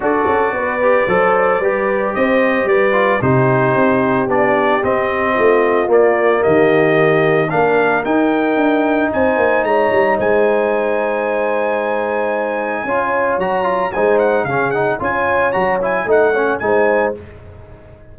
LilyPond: <<
  \new Staff \with { instrumentName = "trumpet" } { \time 4/4 \tempo 4 = 112 d''1 | dis''4 d''4 c''2 | d''4 dis''2 d''4 | dis''2 f''4 g''4~ |
g''4 gis''4 ais''4 gis''4~ | gis''1~ | gis''4 ais''4 gis''8 fis''8 f''8 fis''8 | gis''4 ais''8 gis''8 fis''4 gis''4 | }
  \new Staff \with { instrumentName = "horn" } { \time 4/4 a'4 b'4 c''4 b'4 | c''4 b'4 g'2~ | g'2 f'2 | g'2 ais'2~ |
ais'4 c''4 cis''4 c''4~ | c''1 | cis''2 c''4 gis'4 | cis''2 dis''8 cis''8 c''4 | }
  \new Staff \with { instrumentName = "trombone" } { \time 4/4 fis'4. g'8 a'4 g'4~ | g'4. f'8 dis'2 | d'4 c'2 ais4~ | ais2 d'4 dis'4~ |
dis'1~ | dis'1 | f'4 fis'8 f'8 dis'4 cis'8 dis'8 | f'4 fis'8 e'8 dis'8 cis'8 dis'4 | }
  \new Staff \with { instrumentName = "tuba" } { \time 4/4 d'8 cis'8 b4 fis4 g4 | c'4 g4 c4 c'4 | b4 c'4 a4 ais4 | dis2 ais4 dis'4 |
d'4 c'8 ais8 gis8 g8 gis4~ | gis1 | cis'4 fis4 gis4 cis4 | cis'4 fis4 a4 gis4 | }
>>